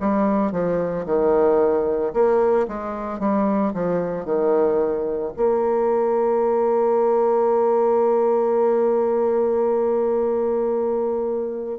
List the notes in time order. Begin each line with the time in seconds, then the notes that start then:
0.00 G3
0.52 F3
1.06 D#3
2.13 A#3
2.67 G#3
3.19 G3
3.74 F3
4.25 D#3
5.36 A#3